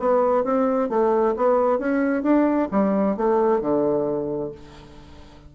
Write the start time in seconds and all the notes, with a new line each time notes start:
0.00 B3
0.44 C4
0.90 A3
1.37 B3
1.79 C#4
2.23 D4
2.72 G3
3.17 A3
3.61 D3